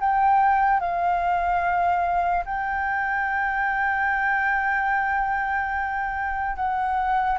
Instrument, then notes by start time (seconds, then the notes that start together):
flute
0.00 G5
0.80 F5
2.45 G5
6.56 F#5